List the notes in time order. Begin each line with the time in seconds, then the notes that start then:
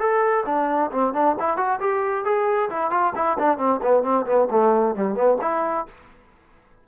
0.00 A4
0.46 D4
0.92 C4
1.14 D4
1.40 E4
1.58 F#4
1.81 G4
2.25 G#4
2.70 E4
2.91 F4
3.16 E4
3.39 D4
3.58 C4
3.83 B3
4.04 C4
4.26 B3
4.51 A3
4.96 G3
5.16 B3
5.42 E4